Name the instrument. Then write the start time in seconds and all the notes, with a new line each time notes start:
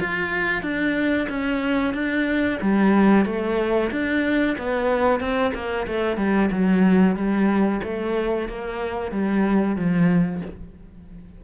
cello
0.00 F4
0.63 D4
1.29 C#4
1.94 D4
2.61 G3
3.25 A3
3.92 D4
4.58 B3
5.20 C4
5.54 A#3
5.87 A3
6.17 G3
6.52 F#3
7.16 G3
7.83 A3
8.49 A#3
9.12 G3
9.76 F3